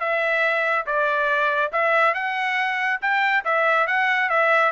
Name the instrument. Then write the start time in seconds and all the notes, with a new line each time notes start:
trumpet
0.00 E5
0.86 D5
1.72 E5
2.14 F#5
3.02 G5
3.45 E5
3.87 F#5
4.30 E5